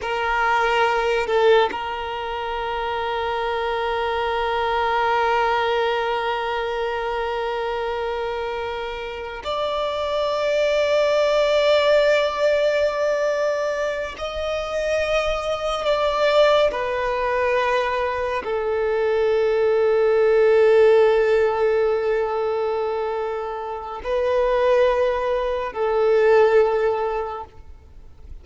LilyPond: \new Staff \with { instrumentName = "violin" } { \time 4/4 \tempo 4 = 70 ais'4. a'8 ais'2~ | ais'1~ | ais'2. d''4~ | d''1~ |
d''8 dis''2 d''4 b'8~ | b'4. a'2~ a'8~ | a'1 | b'2 a'2 | }